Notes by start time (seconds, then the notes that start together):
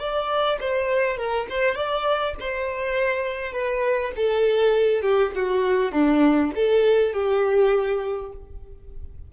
0.00 D5
0.61 C5
1.17 A#4
1.50 C5
1.75 D5
2.40 C5
3.53 B4
4.16 A4
5.02 G4
5.35 F#4
5.92 D4
6.55 A4
7.14 G4